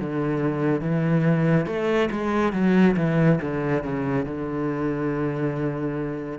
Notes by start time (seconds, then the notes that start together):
0.00 D3
0.81 E3
1.66 A3
2.11 G#3
2.53 F#3
2.96 E3
3.41 D3
3.83 C#3
4.25 D3